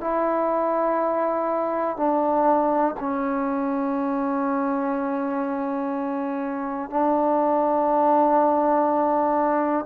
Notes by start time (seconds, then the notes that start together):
0.00 E4
1.96 D4
2.99 C#4
6.89 D4